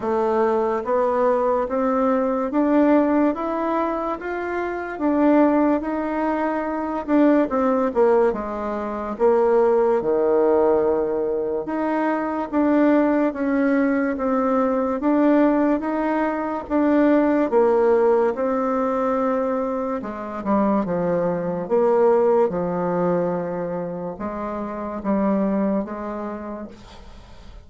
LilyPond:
\new Staff \with { instrumentName = "bassoon" } { \time 4/4 \tempo 4 = 72 a4 b4 c'4 d'4 | e'4 f'4 d'4 dis'4~ | dis'8 d'8 c'8 ais8 gis4 ais4 | dis2 dis'4 d'4 |
cis'4 c'4 d'4 dis'4 | d'4 ais4 c'2 | gis8 g8 f4 ais4 f4~ | f4 gis4 g4 gis4 | }